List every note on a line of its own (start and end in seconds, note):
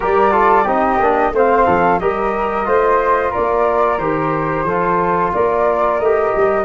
0.00 0.66 G3
0.00 0.31 G4
0.00 0.32 A#4
0.00 0.67 D5
0.31 0.64 F4
0.31 0.64 A4
0.64 0.99 C4
0.64 1.00 D#4
0.64 1.30 G4
0.64 1.34 D#5
0.99 1.32 A#3
0.99 1.33 D4
1.32 1.65 A3
1.32 2.00 C4
1.32 1.66 C5
1.32 1.99 F5
1.66 2.00 F3
1.66 1.99 A4
1.99 2.66 G3
1.99 2.65 G4
1.99 2.67 A#4
1.99 3.32 D#5
2.65 3.33 A3
2.65 3.98 F4
2.65 3.30 C5
3.30 4.64 A#4
3.30 3.98 D5
3.37 3.98 A#3
3.98 4.64 D#3
3.98 4.67 G4
3.98 5.31 C5
4.64 5.30 F3
4.64 6.01 F4
4.64 5.32 A4
5.33 5.99 A#3
5.33 6.65 A#4
5.33 5.99 D5
5.99 6.32 A3
5.99 6.65 G4
5.99 6.65 D#5
6.35 6.65 G3